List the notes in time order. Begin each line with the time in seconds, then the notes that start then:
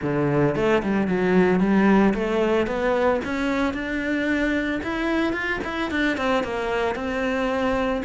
0.01 D3
0.55 A3
0.83 G3
1.07 F#3
1.59 G3
2.14 A3
2.66 B3
3.24 C#4
3.73 D4
4.83 E4
5.32 F4
5.64 E4
5.91 D4
6.17 C4
6.43 A#3
6.95 C4